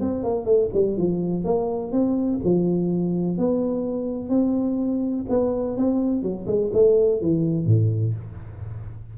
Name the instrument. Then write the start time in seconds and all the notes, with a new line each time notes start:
tuba
0.00 C4
0.23 A#3
0.45 A3
0.73 G3
0.97 F3
1.44 A#3
1.92 C4
2.44 F3
3.38 B3
4.29 C4
5.29 B3
5.77 C4
6.22 F#3
6.47 G#3
6.73 A3
7.21 E3
7.66 A2